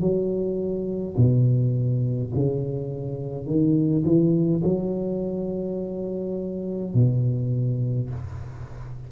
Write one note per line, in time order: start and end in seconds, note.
0.00 1.15 F#3
1.16 2.32 B2
2.34 3.46 C#3
3.46 4.04 D#3
4.04 4.62 E3
4.63 6.94 F#3
6.94 8.09 B2